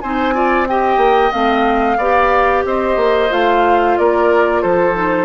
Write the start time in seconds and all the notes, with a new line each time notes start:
0.00 C4 D#4 C5 G#5
0.33 F4 D5
0.67 G4 D#5 G5
0.97 A#3
1.31 A3 C4 F5
1.97 B3 G4 D5
2.65 C4 C5 D#5
2.96 A#3
3.29 A3 F4 F5
3.97 A#3 A#4 D5
4.62 F3 A4 C5
4.94 D#4